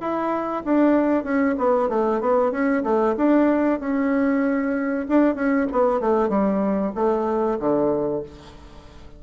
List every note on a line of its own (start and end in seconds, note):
0.00 0.63 E4
0.65 1.24 D4
1.24 1.55 C#4
1.58 1.89 B3
1.89 2.20 A3
2.20 2.51 B3
2.51 2.83 C#4
2.83 3.15 A3
3.17 3.80 D4
3.80 5.06 C#4
5.08 5.35 D4
5.35 5.67 C#4
5.72 6.00 B3
6.00 6.29 A3
6.29 6.92 G3
6.95 7.58 A3
7.59 8.22 D3